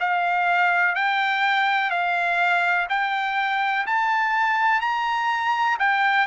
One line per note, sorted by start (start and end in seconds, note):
0.00 0.95 F5
0.95 1.90 G5
1.90 2.87 F5
2.89 3.86 G5
3.87 4.81 A5
4.81 5.78 A#5
5.79 6.27 G5